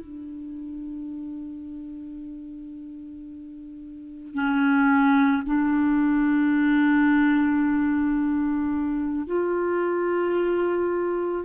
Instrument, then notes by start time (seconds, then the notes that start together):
clarinet
0.00 D4
4.34 C#4
5.45 D4
9.27 F4